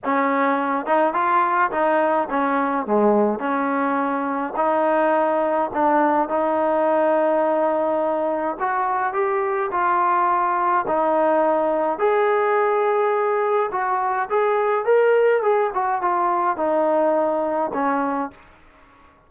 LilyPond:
\new Staff \with { instrumentName = "trombone" } { \time 4/4 \tempo 4 = 105 cis'4. dis'8 f'4 dis'4 | cis'4 gis4 cis'2 | dis'2 d'4 dis'4~ | dis'2. fis'4 |
g'4 f'2 dis'4~ | dis'4 gis'2. | fis'4 gis'4 ais'4 gis'8 fis'8 | f'4 dis'2 cis'4 | }